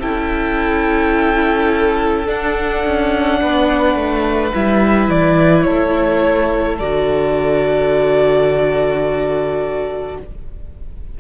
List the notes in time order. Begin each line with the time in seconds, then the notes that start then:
0.00 C#4 E4 A4 G5
2.26 D4 F#5
2.85 C#4
3.41 B3 B4
3.95 A3
4.53 G3 E4 E5
5.08 E3 D5
5.62 A3 A4 C#5
6.79 D3 F#4 D5